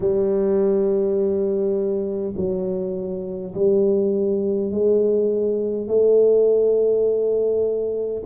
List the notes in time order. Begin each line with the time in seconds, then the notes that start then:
0.00 G3
2.36 F#3
3.54 G3
4.71 G#3
5.87 A3